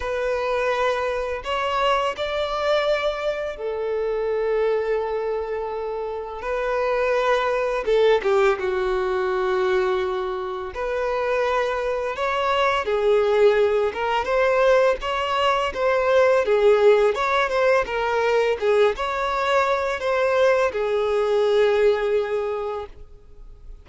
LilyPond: \new Staff \with { instrumentName = "violin" } { \time 4/4 \tempo 4 = 84 b'2 cis''4 d''4~ | d''4 a'2.~ | a'4 b'2 a'8 g'8 | fis'2. b'4~ |
b'4 cis''4 gis'4. ais'8 | c''4 cis''4 c''4 gis'4 | cis''8 c''8 ais'4 gis'8 cis''4. | c''4 gis'2. | }